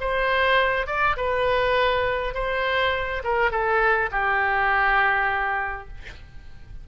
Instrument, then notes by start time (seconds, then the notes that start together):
oboe
0.00 C5
0.87 D5
1.17 B4
2.34 C5
3.24 A#4
3.51 A4
4.11 G4